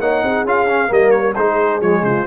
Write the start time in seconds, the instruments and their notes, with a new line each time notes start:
0.00 tuba A#3, trombone D#4, horn C#5, trumpet F#5
0.23 tuba C4, horn G#4
0.45 tuba C#4, trombone F4, trumpet F5
0.68 trombone C#4
0.88 tuba G3, trombone A#3, horn A#4, trumpet D#5
1.11 trumpet C#5
1.36 tuba G#3, trombone D#4, horn G#4, trumpet C5
1.81 tuba F3, trombone G#3, trumpet C#5
2.02 tuba C#3, horn F4, trumpet C5